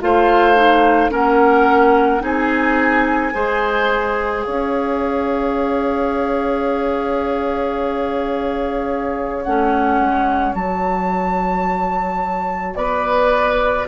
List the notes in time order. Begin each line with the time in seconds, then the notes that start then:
0.00 A3 F4 C5 F5
0.55 D#4
1.10 A#3 C#4 A#4 F#5
2.20 C4 D#4 G#4 G#5
3.34 G#3 G#4 C5
4.43 C#4 C#5 F5
9.42 A3 C#4 F#5
9.99 G#3
10.53 F#3 F#4 A5
12.75 B3 B4 D5